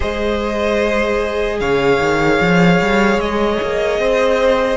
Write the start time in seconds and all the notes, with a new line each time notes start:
0.00 G#3 G#4 C5 D#5
1.60 C#3 C#5 F5
1.99 D#3
2.40 F3
2.81 G3
3.18 G#3 D#5
3.62 A#3
3.99 C4 C5